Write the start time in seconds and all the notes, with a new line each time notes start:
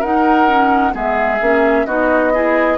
0.00 D#4 A#4 F#5
0.47 C#4
0.92 G#3 B3 G#4 E5
1.41 A#3 C#4
1.86 B3 D#4 F#4 D#5
2.34 E4 G#4